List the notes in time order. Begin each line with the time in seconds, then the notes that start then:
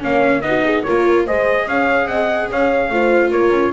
0.00 A#3 C#4 C#5 F5
0.41 B3 D#4 D#5
0.48 F#4
0.64 G#4
0.83 A#3 F4 A#4 C#5
1.26 G#3 G#4 C5 D#5
1.66 C#4 C#5 F5
2.05 C4 D#5 F#5
2.50 C#4 C#5 F5
2.90 A3 F4 C5
3.31 A#3 A#4 C#5
3.51 C#4